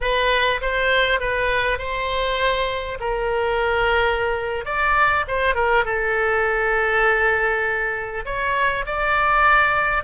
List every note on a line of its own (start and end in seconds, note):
0.00 0.60 B4
0.61 1.19 C5
1.19 1.78 B4
1.78 2.98 C5
3.00 4.65 A#4
4.65 5.25 D5
5.27 5.54 C5
5.54 5.84 A#4
5.84 8.24 A4
8.25 8.85 C#5
8.86 10.03 D5